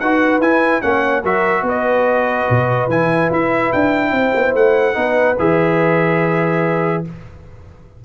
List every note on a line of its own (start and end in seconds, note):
0.00 0.40 D#4
0.00 0.42 F#4
0.00 0.83 B4
0.00 0.41 F#5
0.40 0.81 E4
0.40 0.82 E4
0.40 0.82 G#5
0.82 1.24 A#3
0.82 1.23 C#4
0.82 1.22 C#5
0.82 1.23 F#5
1.22 1.62 F#3
1.22 2.90 F#4
1.22 1.63 A#4
1.22 1.67 E5
1.62 2.45 B3
1.62 4.12 B4
1.69 2.90 D#5
2.50 2.88 B2
2.88 3.29 E3
2.88 4.94 E4
2.88 3.32 G#5
3.31 3.72 E4
3.31 3.72 E5
3.72 4.11 D4
3.72 4.55 G5
4.11 4.32 C4
4.11 4.97 C5
4.35 4.54 B3
4.54 4.96 A3
4.54 5.38 F#5
4.94 5.38 B3
4.94 5.36 D#4
4.94 7.04 B4
5.39 7.04 E3
5.39 7.05 G#4
5.39 7.04 E5